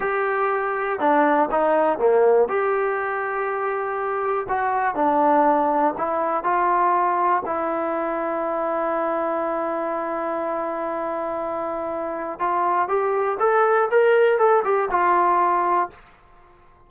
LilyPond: \new Staff \with { instrumentName = "trombone" } { \time 4/4 \tempo 4 = 121 g'2 d'4 dis'4 | ais4 g'2.~ | g'4 fis'4 d'2 | e'4 f'2 e'4~ |
e'1~ | e'1~ | e'4 f'4 g'4 a'4 | ais'4 a'8 g'8 f'2 | }